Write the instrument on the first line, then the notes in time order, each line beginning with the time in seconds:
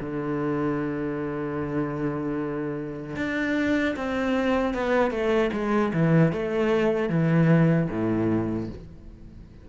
cello
0.00 D3
3.16 D4
3.96 C4
4.74 B3
5.11 A3
5.53 G#3
5.93 E3
6.32 A3
7.09 E3
7.90 A2